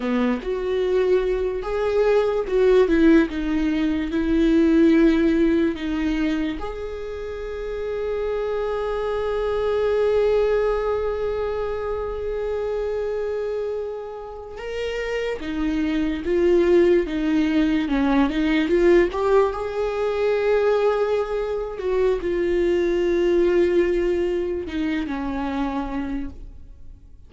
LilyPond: \new Staff \with { instrumentName = "viola" } { \time 4/4 \tempo 4 = 73 b8 fis'4. gis'4 fis'8 e'8 | dis'4 e'2 dis'4 | gis'1~ | gis'1~ |
gis'4.~ gis'16 ais'4 dis'4 f'16~ | f'8. dis'4 cis'8 dis'8 f'8 g'8 gis'16~ | gis'2~ gis'8 fis'8 f'4~ | f'2 dis'8 cis'4. | }